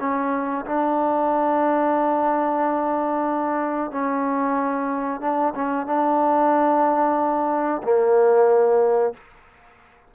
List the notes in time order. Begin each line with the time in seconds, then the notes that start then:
0.00 C#4
0.66 D4
3.91 C#4
5.21 D4
5.55 C#4
5.86 D4
7.83 A#3